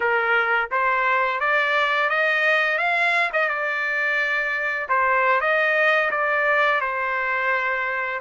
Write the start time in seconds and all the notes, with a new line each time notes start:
0.00 A#4
0.71 C5
1.40 D5
2.09 D#5
2.78 F5
3.33 D#5
3.48 D5
4.88 C5
5.40 D#5
6.10 D5
6.80 C5